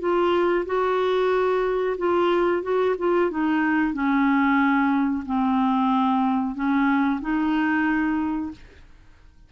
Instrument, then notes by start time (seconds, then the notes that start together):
clarinet
0.00 F4
0.66 F#4
1.98 F4
2.63 F#4
2.99 F4
3.31 D#4
3.94 C#4
5.26 C4
6.55 C#4
7.21 D#4